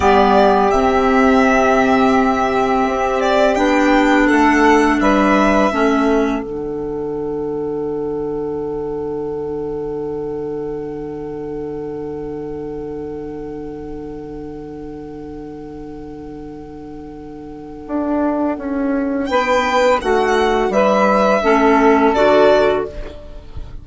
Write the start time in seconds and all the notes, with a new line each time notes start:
0.00 G3 B3 G4 D5
0.71 C3 C4 E5
2.86 C4
3.20 D5
3.55 B3 D4 G5
4.25 A3 A4 F#5
4.99 G3 B4 E5
5.72 A3 C#4 A4
6.42 D3 D4 F#5
17.87 D4
18.57 C#4
19.26 B3 B4 G5
20.01 A3 F#4 F#5
20.69 G3 B4 E5
21.42 A3 C#4 A4
22.14 D3 F#4 D5